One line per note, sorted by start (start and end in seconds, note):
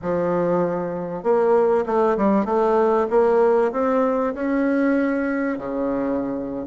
0.02 1.23 F3
1.23 1.84 A#3
1.86 2.16 A3
2.16 2.45 G3
2.45 3.07 A3
3.09 3.71 A#3
3.72 4.34 C4
4.34 5.58 C#4
5.58 6.66 C#3